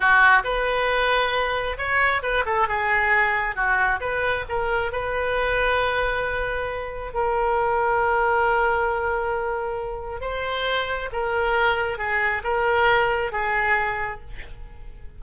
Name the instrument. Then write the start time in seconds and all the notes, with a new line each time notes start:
oboe
0.00 F#4
0.43 B4
1.77 C#5
2.22 B4
2.45 A4
2.68 G#4
3.55 F#4
4.00 B4
4.48 A#4
4.92 B4
7.13 A#4
10.20 C5
11.12 A#4
11.98 G#4
12.43 A#4
13.32 G#4